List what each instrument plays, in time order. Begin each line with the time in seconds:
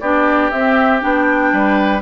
0.00 bassoon B3, clarinet D4, oboe G4, flute D5
0.51 clarinet C4, bassoon C4, flute E5
1.00 bassoon B3, clarinet D4, flute G5
1.52 bassoon G3, oboe B4